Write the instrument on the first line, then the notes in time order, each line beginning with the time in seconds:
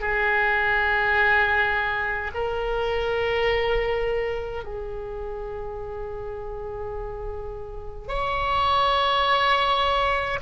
oboe
0.00 G#4
2.34 A#4
4.64 G#4
8.08 C#5